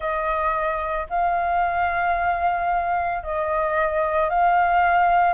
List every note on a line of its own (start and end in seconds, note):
0.00 1.07 D#5
1.09 3.23 F5
3.23 4.29 D#5
4.29 5.33 F5